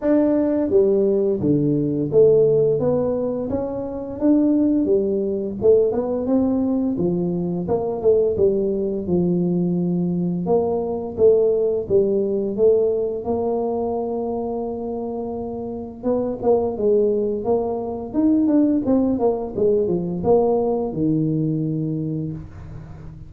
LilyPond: \new Staff \with { instrumentName = "tuba" } { \time 4/4 \tempo 4 = 86 d'4 g4 d4 a4 | b4 cis'4 d'4 g4 | a8 b8 c'4 f4 ais8 a8 | g4 f2 ais4 |
a4 g4 a4 ais4~ | ais2. b8 ais8 | gis4 ais4 dis'8 d'8 c'8 ais8 | gis8 f8 ais4 dis2 | }